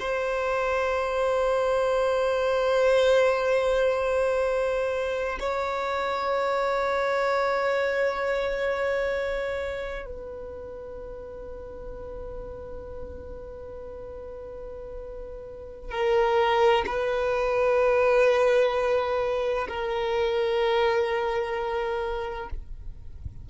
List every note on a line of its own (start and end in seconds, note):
0.00 5.39 C5
5.40 10.06 C#5
10.06 15.92 B4
15.92 16.85 A#4
16.87 19.68 B4
19.69 22.50 A#4